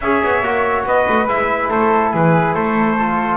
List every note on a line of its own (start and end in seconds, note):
0.01 0.22 C#4
0.01 0.43 G#4
0.01 0.86 C#5
0.01 0.86 E5
0.23 0.41 B3
0.41 0.84 A#3
0.41 1.28 F#4
0.85 1.06 B3
0.85 1.70 B4
0.85 1.27 D#5
1.08 1.27 A3
1.27 1.69 G#3
1.27 2.98 E4
1.27 1.70 E5
1.70 2.13 A3
1.70 2.12 A4
1.70 2.13 C5
2.12 2.54 E3
2.12 2.54 G#4
2.12 2.55 B4
2.54 3.37 A3
2.54 3.37 A4
2.54 3.37 C5
2.99 3.37 F4